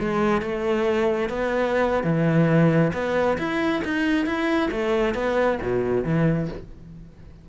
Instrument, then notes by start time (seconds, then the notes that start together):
cello
0.00 G#3
0.42 A3
1.30 B3
2.04 E3
2.94 B3
3.39 E4
3.85 D#4
4.26 E4
4.72 A3
5.15 B3
5.62 B2
6.05 E3